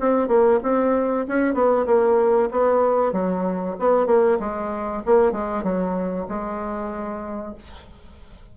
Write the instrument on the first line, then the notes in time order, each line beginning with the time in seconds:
bassoon
0.00 C4
0.28 A#3
0.63 C4
1.28 C#4
1.54 B3
1.86 A#3
2.51 B3
3.12 F#3
3.79 B3
4.06 A#3
4.40 G#3
5.06 A#3
5.32 G#3
5.63 F#3
6.28 G#3